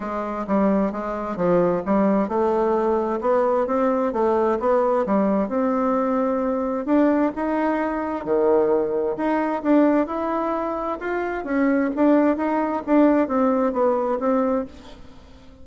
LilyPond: \new Staff \with { instrumentName = "bassoon" } { \time 4/4 \tempo 4 = 131 gis4 g4 gis4 f4 | g4 a2 b4 | c'4 a4 b4 g4 | c'2. d'4 |
dis'2 dis2 | dis'4 d'4 e'2 | f'4 cis'4 d'4 dis'4 | d'4 c'4 b4 c'4 | }